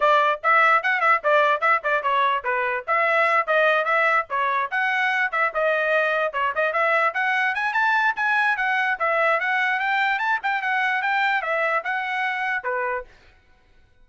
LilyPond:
\new Staff \with { instrumentName = "trumpet" } { \time 4/4 \tempo 4 = 147 d''4 e''4 fis''8 e''8 d''4 | e''8 d''8 cis''4 b'4 e''4~ | e''8 dis''4 e''4 cis''4 fis''8~ | fis''4 e''8 dis''2 cis''8 |
dis''8 e''4 fis''4 gis''8 a''4 | gis''4 fis''4 e''4 fis''4 | g''4 a''8 g''8 fis''4 g''4 | e''4 fis''2 b'4 | }